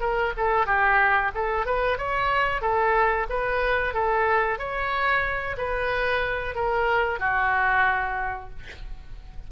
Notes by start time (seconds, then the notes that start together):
0.00 A#4
0.37 A4
0.66 G4
1.34 A4
1.66 B4
1.98 C#5
2.61 A4
3.29 B4
3.94 A4
4.58 C#5
5.57 B4
6.55 A#4
7.19 F#4